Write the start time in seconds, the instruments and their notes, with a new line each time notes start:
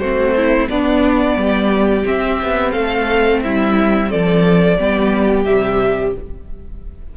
0.00 cello A3, viola C4, violin F#4 C5
0.37 violin E4
0.70 viola B3, cello B3, violin D4 D5
1.36 cello G3, violin G4
2.04 viola C4, cello C4, violin E5
2.43 cello B3
2.72 cello A3, violin A4 F5
3.43 cello G3, violin E4 E5
4.10 cello F3, violin A4 D5
4.78 cello G3, viola B3, violin G4
5.45 cello C3, viola G3, violin E5